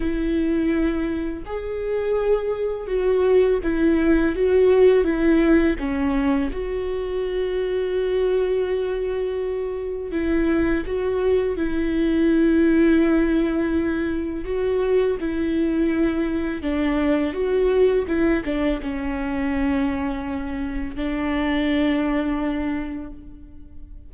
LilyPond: \new Staff \with { instrumentName = "viola" } { \time 4/4 \tempo 4 = 83 e'2 gis'2 | fis'4 e'4 fis'4 e'4 | cis'4 fis'2.~ | fis'2 e'4 fis'4 |
e'1 | fis'4 e'2 d'4 | fis'4 e'8 d'8 cis'2~ | cis'4 d'2. | }